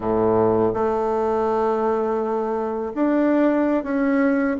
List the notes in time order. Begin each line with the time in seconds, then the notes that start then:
0.00 A2
0.73 A3
2.94 D4
3.83 C#4